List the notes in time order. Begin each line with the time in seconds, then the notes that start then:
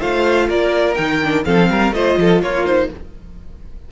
0.00 A3 F4 C5 F5
0.49 A#3 A#4 D5
0.95 D#3 D#4 G5
1.24 D4
1.45 F3 C4 A4 F5
1.71 G3 A#4
1.92 A3 F4 C5 D#5
2.18 F3 A4
2.42 A#3 F4 C#5
2.66 D#4 C5